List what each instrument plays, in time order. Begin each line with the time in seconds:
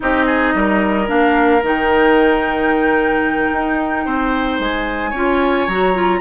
0.00 bassoon C4, clarinet D#4, oboe G4, flute D#5
0.26 oboe G#4
0.54 bassoon G3, oboe A#4
1.06 bassoon A#3, clarinet D4, flute F5
1.62 bassoon D#3, clarinet D#4, flute G5
3.52 bassoon D#4
4.05 bassoon C4, oboe C5
4.59 bassoon G#3, flute G#5
5.10 bassoon C#4, clarinet F4, oboe C#5
5.67 bassoon F#3, clarinet F#4, flute A#5
5.93 clarinet F4